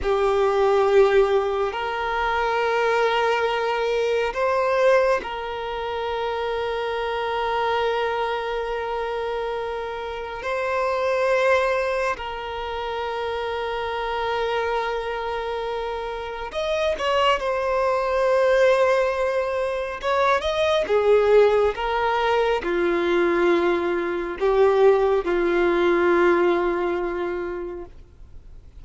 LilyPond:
\new Staff \with { instrumentName = "violin" } { \time 4/4 \tempo 4 = 69 g'2 ais'2~ | ais'4 c''4 ais'2~ | ais'1 | c''2 ais'2~ |
ais'2. dis''8 cis''8 | c''2. cis''8 dis''8 | gis'4 ais'4 f'2 | g'4 f'2. | }